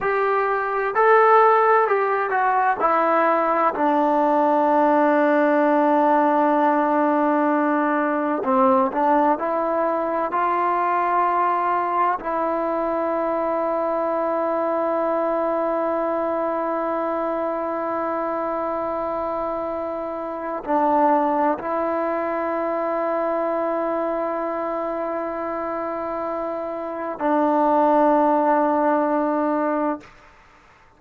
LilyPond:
\new Staff \with { instrumentName = "trombone" } { \time 4/4 \tempo 4 = 64 g'4 a'4 g'8 fis'8 e'4 | d'1~ | d'4 c'8 d'8 e'4 f'4~ | f'4 e'2.~ |
e'1~ | e'2 d'4 e'4~ | e'1~ | e'4 d'2. | }